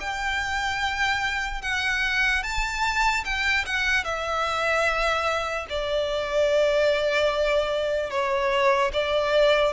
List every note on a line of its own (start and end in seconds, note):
0.00 1.62 G5
1.62 2.43 F#5
2.43 3.24 A5
3.24 3.65 G5
3.66 4.04 F#5
4.04 5.66 E5
5.69 8.10 D5
8.10 8.92 C#5
8.93 9.73 D5